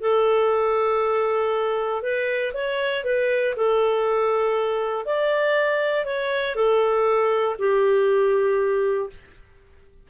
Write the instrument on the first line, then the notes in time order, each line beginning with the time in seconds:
clarinet
0.00 A4
2.02 B4
2.53 C#5
3.04 B4
3.56 A4
5.05 D5
6.05 C#5
6.55 A4
7.58 G4